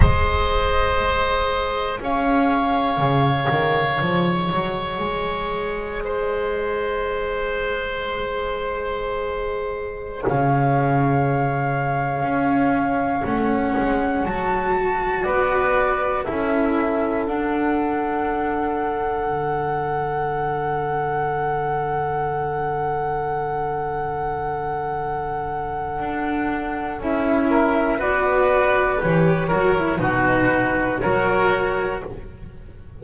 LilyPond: <<
  \new Staff \with { instrumentName = "flute" } { \time 4/4 \tempo 4 = 60 dis''2 f''2 | dis''1~ | dis''2~ dis''16 f''4.~ f''16~ | f''4~ f''16 fis''4 a''4 d''8.~ |
d''16 e''4 fis''2~ fis''8.~ | fis''1~ | fis''2. e''4 | d''4 cis''4 b'4 cis''4 | }
  \new Staff \with { instrumentName = "oboe" } { \time 4/4 c''2 cis''2~ | cis''2 c''2~ | c''2~ c''16 cis''4.~ cis''16~ | cis''2.~ cis''16 b'8.~ |
b'16 a'2.~ a'8.~ | a'1~ | a'2.~ a'8 ais'8 | b'4. ais'8 fis'4 ais'4 | }
  \new Staff \with { instrumentName = "cello" } { \time 4/4 gis'1~ | gis'1~ | gis'1~ | gis'4~ gis'16 cis'4 fis'4.~ fis'16~ |
fis'16 e'4 d'2~ d'8.~ | d'1~ | d'2. e'4 | fis'4 g'8 fis'16 e'16 dis'4 fis'4 | }
  \new Staff \with { instrumentName = "double bass" } { \time 4/4 gis2 cis'4 cis8 dis8 | f8 fis8 gis2.~ | gis2~ gis16 cis4.~ cis16~ | cis16 cis'4 a8 gis8 fis4 b8.~ |
b16 cis'4 d'2 d8.~ | d1~ | d2 d'4 cis'4 | b4 e8 fis8 b,4 fis4 | }
>>